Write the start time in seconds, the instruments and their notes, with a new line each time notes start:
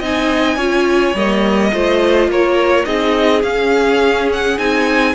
0.00 cello C4, viola D#4, violin D#5 G#5
0.56 cello C#4, viola F4, violin C#5
1.14 cello G3, viola A#3, violin D#5
1.73 cello A3, viola F4, violin C5
2.28 cello A#3, violin A#4 C#5
2.85 cello C4, viola D#4, violin G#4 D#5
3.43 cello C#4, viola C#4, violin F5
4.33 violin F#5
4.58 cello C4, viola D#4, violin G#5